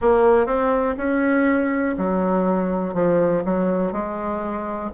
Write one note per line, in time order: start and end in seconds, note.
0.01 0.46 A#3
0.46 0.95 C4
0.97 1.95 C#4
1.97 2.94 F#3
2.94 3.43 F3
3.44 3.92 F#3
3.92 4.90 G#3